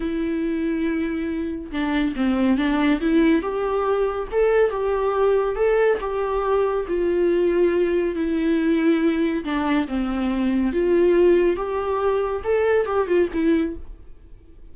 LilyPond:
\new Staff \with { instrumentName = "viola" } { \time 4/4 \tempo 4 = 140 e'1 | d'4 c'4 d'4 e'4 | g'2 a'4 g'4~ | g'4 a'4 g'2 |
f'2. e'4~ | e'2 d'4 c'4~ | c'4 f'2 g'4~ | g'4 a'4 g'8 f'8 e'4 | }